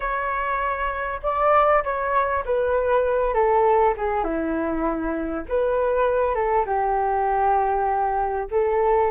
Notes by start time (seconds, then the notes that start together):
0.00 C#5
1.23 D5
1.83 C#5
2.45 B4
3.34 A4
3.97 G#4
4.24 E4
5.48 B4
6.35 A4
6.65 G4
8.50 A4